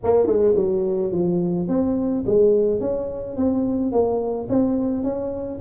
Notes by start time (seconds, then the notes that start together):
0.03 A#3
0.27 G#3
0.56 F#3
1.11 F3
1.68 C4
2.26 G#3
2.80 C#4
3.36 C4
3.92 A#3
4.49 C4
5.03 C#4